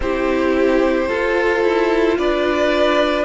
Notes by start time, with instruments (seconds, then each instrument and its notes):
0.00 cello C4, viola E4, violin G4 C5
1.08 viola F4, cello F4, violin A4
1.63 cello E4
2.17 cello D4, violin B4 D5